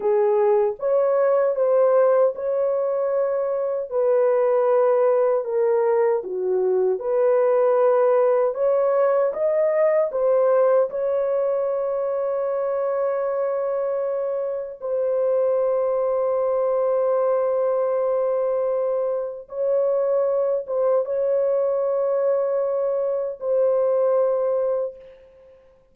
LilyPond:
\new Staff \with { instrumentName = "horn" } { \time 4/4 \tempo 4 = 77 gis'4 cis''4 c''4 cis''4~ | cis''4 b'2 ais'4 | fis'4 b'2 cis''4 | dis''4 c''4 cis''2~ |
cis''2. c''4~ | c''1~ | c''4 cis''4. c''8 cis''4~ | cis''2 c''2 | }